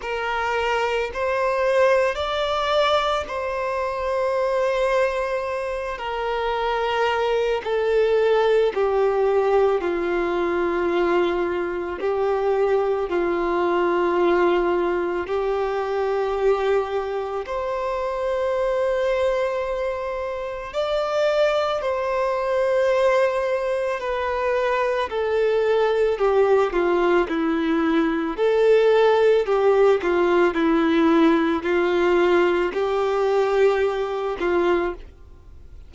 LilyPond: \new Staff \with { instrumentName = "violin" } { \time 4/4 \tempo 4 = 55 ais'4 c''4 d''4 c''4~ | c''4. ais'4. a'4 | g'4 f'2 g'4 | f'2 g'2 |
c''2. d''4 | c''2 b'4 a'4 | g'8 f'8 e'4 a'4 g'8 f'8 | e'4 f'4 g'4. f'8 | }